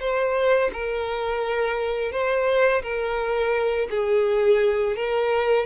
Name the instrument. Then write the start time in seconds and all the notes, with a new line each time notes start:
violin
0.00 C5
0.73 A#4
2.11 C5
2.82 A#4
3.90 G#4
4.96 A#4